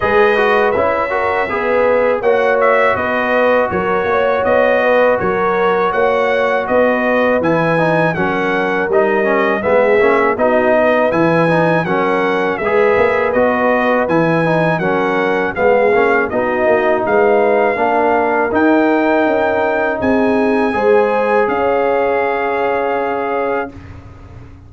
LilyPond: <<
  \new Staff \with { instrumentName = "trumpet" } { \time 4/4 \tempo 4 = 81 dis''4 e''2 fis''8 e''8 | dis''4 cis''4 dis''4 cis''4 | fis''4 dis''4 gis''4 fis''4 | dis''4 e''4 dis''4 gis''4 |
fis''4 e''4 dis''4 gis''4 | fis''4 f''4 dis''4 f''4~ | f''4 g''2 gis''4~ | gis''4 f''2. | }
  \new Staff \with { instrumentName = "horn" } { \time 4/4 b'4. ais'8 b'4 cis''4 | b'4 ais'8 cis''4 b'8 ais'4 | cis''4 b'2 ais'4~ | ais'4 gis'4 fis'8 b'4. |
ais'4 b'2. | ais'4 gis'4 fis'4 b'4 | ais'2. gis'4 | c''4 cis''2. | }
  \new Staff \with { instrumentName = "trombone" } { \time 4/4 gis'8 fis'8 e'8 fis'8 gis'4 fis'4~ | fis'1~ | fis'2 e'8 dis'8 cis'4 | dis'8 cis'8 b8 cis'8 dis'4 e'8 dis'8 |
cis'4 gis'4 fis'4 e'8 dis'8 | cis'4 b8 cis'8 dis'2 | d'4 dis'2. | gis'1 | }
  \new Staff \with { instrumentName = "tuba" } { \time 4/4 gis4 cis'4 b4 ais4 | b4 fis8 ais8 b4 fis4 | ais4 b4 e4 fis4 | g4 gis8 ais8 b4 e4 |
fis4 gis8 ais8 b4 e4 | fis4 gis8 ais8 b8 ais8 gis4 | ais4 dis'4 cis'4 c'4 | gis4 cis'2. | }
>>